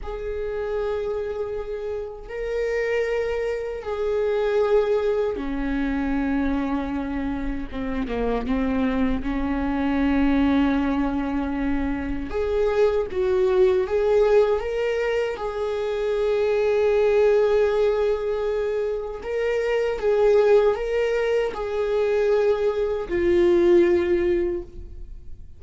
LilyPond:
\new Staff \with { instrumentName = "viola" } { \time 4/4 \tempo 4 = 78 gis'2. ais'4~ | ais'4 gis'2 cis'4~ | cis'2 c'8 ais8 c'4 | cis'1 |
gis'4 fis'4 gis'4 ais'4 | gis'1~ | gis'4 ais'4 gis'4 ais'4 | gis'2 f'2 | }